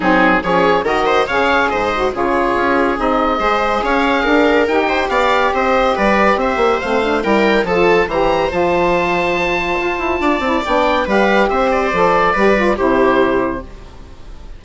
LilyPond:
<<
  \new Staff \with { instrumentName = "oboe" } { \time 4/4 \tempo 4 = 141 gis'4 cis''4 dis''4 f''4 | dis''4 cis''2 dis''4~ | dis''4 f''2 g''4 | f''4 dis''4 d''4 e''4 |
f''4 g''4 a''4 ais''4 | a''1~ | a''4 g''4 f''4 e''8 d''8~ | d''2 c''2 | }
  \new Staff \with { instrumentName = "viola" } { \time 4/4 dis'4 gis'4 ais'8 c''8 cis''4 | c''4 gis'2. | c''4 cis''4 ais'4. c''8 | d''4 c''4 b'4 c''4~ |
c''4 ais'4 a'4 c''4~ | c''1 | d''2 b'4 c''4~ | c''4 b'4 g'2 | }
  \new Staff \with { instrumentName = "saxophone" } { \time 4/4 c'4 cis'4 fis'4 gis'4~ | gis'8 fis'8 f'2 dis'4 | gis'2. g'4~ | g'1 |
c'8 d'8 e'4 f'4 g'4 | f'1~ | f'8 e'8 d'4 g'2 | a'4 g'8 f'8 e'2 | }
  \new Staff \with { instrumentName = "bassoon" } { \time 4/4 fis4 f4 dis4 cis4 | gis,4 cis4 cis'4 c'4 | gis4 cis'4 d'4 dis'4 | b4 c'4 g4 c'8 ais8 |
a4 g4 f4 e4 | f2. f'8 e'8 | d'8 c'8 b4 g4 c'4 | f4 g4 c2 | }
>>